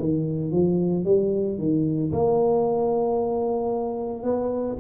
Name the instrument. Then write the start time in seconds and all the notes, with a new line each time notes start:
tuba
0.00 D#3
0.52 F3
1.05 G3
1.59 D#3
2.12 A#3
4.23 B3